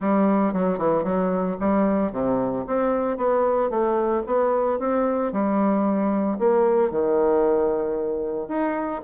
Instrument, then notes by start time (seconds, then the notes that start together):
bassoon
0.00 G3
0.53 F#3
0.77 E3
1.03 F#3
1.60 G3
2.12 C3
2.67 C4
3.17 B3
3.70 A3
4.26 B3
4.79 C4
5.32 G3
6.38 A#3
6.90 D#3
8.48 D#4